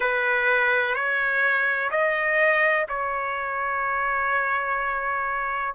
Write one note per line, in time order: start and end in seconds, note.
0.00 0.94 B4
0.94 1.90 C#5
1.90 2.86 D#5
2.88 5.74 C#5